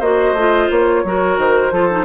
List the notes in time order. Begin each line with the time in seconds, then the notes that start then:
0.00 A#3 F#4 C5 D#5
0.33 A3 F4
0.71 A#3 C#5
1.04 F#3 F#4 A#4
1.37 D#3 C5
1.72 F3 F4 A4
1.91 D#4